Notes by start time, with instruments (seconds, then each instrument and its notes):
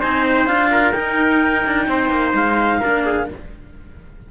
0.00 cello C4 D#4, trumpet C5, clarinet G#5
0.28 clarinet G5
0.46 cello D4 F4, clarinet F5
0.71 trumpet A#4
0.91 cello D#4, clarinet G5
1.66 cello D4
1.88 cello C4, trumpet C5
2.10 cello A#3
2.34 cello G#3, clarinet F5
2.80 cello A#3 D4, trumpet A#4
3.05 trumpet G#4